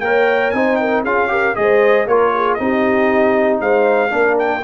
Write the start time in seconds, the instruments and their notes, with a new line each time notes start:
0.00 tuba A#3, trombone A#4, horn C#5, trumpet G5
0.51 tuba C4, trombone D#4, horn C5, trumpet G#5
0.76 horn A#4, trumpet G5
1.03 tuba C#4, trombone F4, horn G#4, trumpet F5
1.28 trombone G4, horn A#4
1.55 tuba G#3, trombone G#4, horn C5, trumpet D#5
2.06 tuba A#3, trombone F4, horn A#4, trumpet C#5
2.34 horn G#4
2.54 tuba C4, trombone D#4, trumpet D#5
2.62 horn G4
3.60 tuba G#3, horn C5, trumpet F5
4.10 tuba A#3, trombone D4, horn A#4
4.39 trumpet G5